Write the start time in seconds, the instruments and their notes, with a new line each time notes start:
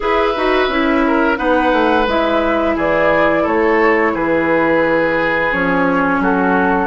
0.00 bassoon E4, clarinet G#4, oboe B4, flute E5
0.35 bassoon D#4, clarinet F#4
0.68 bassoon C#4, clarinet E4
1.07 oboe A#4
1.36 bassoon B3, clarinet D#4, oboe B4, flute F#5
1.72 bassoon A3
2.06 bassoon G#3, clarinet E4, flute E5
2.75 bassoon E3, oboe G#4, flute D5
3.42 bassoon A3, oboe A4, flute C#5
4.14 bassoon E3, oboe G#4, flute B4
5.52 bassoon F3, clarinet C#4, flute C#5
6.19 bassoon F#3, oboe F#4, flute A4